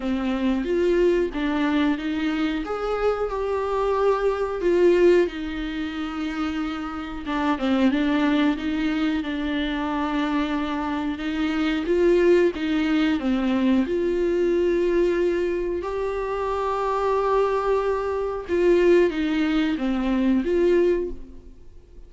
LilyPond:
\new Staff \with { instrumentName = "viola" } { \time 4/4 \tempo 4 = 91 c'4 f'4 d'4 dis'4 | gis'4 g'2 f'4 | dis'2. d'8 c'8 | d'4 dis'4 d'2~ |
d'4 dis'4 f'4 dis'4 | c'4 f'2. | g'1 | f'4 dis'4 c'4 f'4 | }